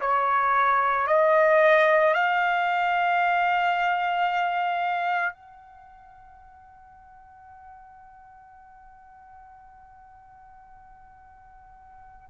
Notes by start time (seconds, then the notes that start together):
0.00 C#5
1.07 D#5
2.14 F5
5.33 F#5